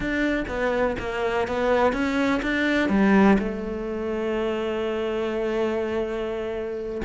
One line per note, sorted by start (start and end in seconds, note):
0.00 0.44 D4
0.48 0.96 B3
0.99 1.47 A#3
1.47 1.92 B3
1.92 2.41 C#4
2.42 2.89 D4
2.89 3.37 G3
3.38 7.01 A3